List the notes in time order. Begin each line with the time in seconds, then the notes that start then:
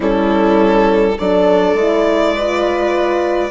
0.00 G3 C#4 E4 A4
1.18 F#3 D4 A4 D5
1.74 G#3 E4
2.34 F4 B4